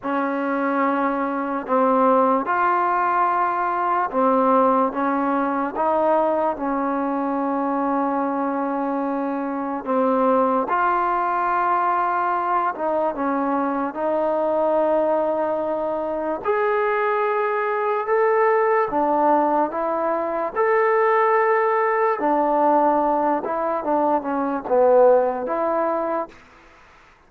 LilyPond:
\new Staff \with { instrumentName = "trombone" } { \time 4/4 \tempo 4 = 73 cis'2 c'4 f'4~ | f'4 c'4 cis'4 dis'4 | cis'1 | c'4 f'2~ f'8 dis'8 |
cis'4 dis'2. | gis'2 a'4 d'4 | e'4 a'2 d'4~ | d'8 e'8 d'8 cis'8 b4 e'4 | }